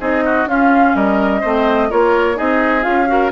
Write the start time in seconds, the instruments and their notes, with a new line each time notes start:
0.00 bassoon C4, clarinet D#4, oboe G#4, flute D#5
0.25 oboe F#4
0.47 bassoon C#4, clarinet C#4, oboe F4, flute F5
0.95 bassoon G3, oboe A#4, flute D#5
1.41 bassoon A3, clarinet C4, oboe C5
1.90 bassoon A#3, clarinet F4, oboe A#4, flute C#5
2.36 bassoon C4, clarinet D#4, oboe G#4, flute D#5
2.83 bassoon C#4, clarinet F4, flute F5
3.08 clarinet F#4, oboe A#4